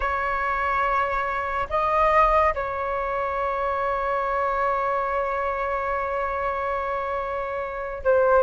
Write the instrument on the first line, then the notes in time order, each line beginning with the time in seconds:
flute
0.00 C#5
1.69 D#5
2.54 C#5
8.04 C5